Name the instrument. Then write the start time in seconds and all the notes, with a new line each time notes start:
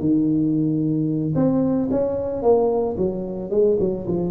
tuba
0.00 D#3
1.35 C4
1.91 C#4
2.43 A#3
2.97 F#3
3.50 G#3
3.80 F#3
4.08 F3